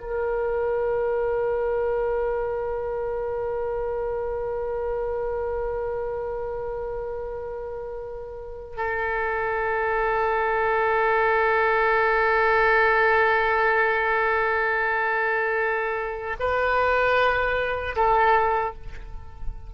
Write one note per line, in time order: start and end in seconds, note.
0.00 8.77 A#4
8.77 16.36 A4
16.40 17.96 B4
17.96 18.74 A4